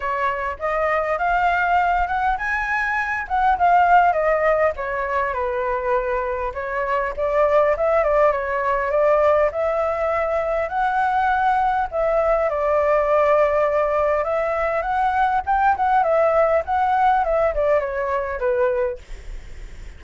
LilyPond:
\new Staff \with { instrumentName = "flute" } { \time 4/4 \tempo 4 = 101 cis''4 dis''4 f''4. fis''8 | gis''4. fis''8 f''4 dis''4 | cis''4 b'2 cis''4 | d''4 e''8 d''8 cis''4 d''4 |
e''2 fis''2 | e''4 d''2. | e''4 fis''4 g''8 fis''8 e''4 | fis''4 e''8 d''8 cis''4 b'4 | }